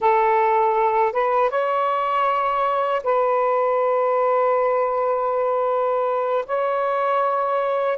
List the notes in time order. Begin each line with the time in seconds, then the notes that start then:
0.00 A4
1.12 B4
1.50 C#5
3.03 B4
6.46 C#5